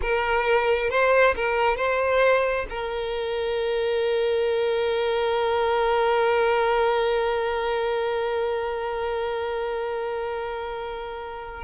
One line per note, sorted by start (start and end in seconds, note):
0.01 0.90 A#4
0.90 1.34 C5
1.35 1.77 A#4
1.77 2.66 C5
2.69 11.63 A#4